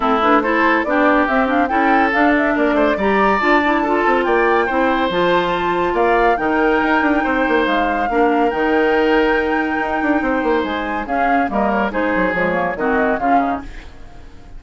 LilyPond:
<<
  \new Staff \with { instrumentName = "flute" } { \time 4/4 \tempo 4 = 141 a'8 b'8 c''4 d''4 e''8 f''8 | g''4 f''8 e''8 d''4 ais''4 | a''2 g''2 | a''2 f''4 g''4~ |
g''2 f''2 | g''1~ | g''4 gis''4 f''4 dis''8 cis''8 | c''4 cis''4 dis''4 f''4 | }
  \new Staff \with { instrumentName = "oboe" } { \time 4/4 e'4 a'4 g'2 | a'2 ais'8 c''8 d''4~ | d''4 a'4 d''4 c''4~ | c''2 d''4 ais'4~ |
ais'4 c''2 ais'4~ | ais'1 | c''2 gis'4 ais'4 | gis'2 fis'4 f'8 dis'8 | }
  \new Staff \with { instrumentName = "clarinet" } { \time 4/4 c'8 d'8 e'4 d'4 c'8 d'8 | e'4 d'2 g'4 | f'8 e'8 f'2 e'4 | f'2. dis'4~ |
dis'2. d'4 | dis'1~ | dis'2 cis'4 ais4 | dis'4 gis8 ais8 c'4 cis'4 | }
  \new Staff \with { instrumentName = "bassoon" } { \time 4/4 a2 b4 c'4 | cis'4 d'4 ais8 a8 g4 | d'4. c'8 ais4 c'4 | f2 ais4 dis4 |
dis'8 d'8 c'8 ais8 gis4 ais4 | dis2. dis'8 d'8 | c'8 ais8 gis4 cis'4 g4 | gis8 fis8 f4 dis4 cis4 | }
>>